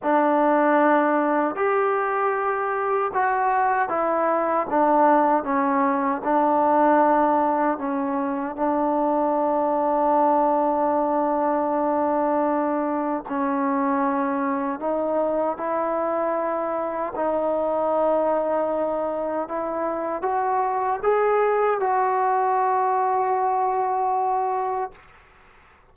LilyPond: \new Staff \with { instrumentName = "trombone" } { \time 4/4 \tempo 4 = 77 d'2 g'2 | fis'4 e'4 d'4 cis'4 | d'2 cis'4 d'4~ | d'1~ |
d'4 cis'2 dis'4 | e'2 dis'2~ | dis'4 e'4 fis'4 gis'4 | fis'1 | }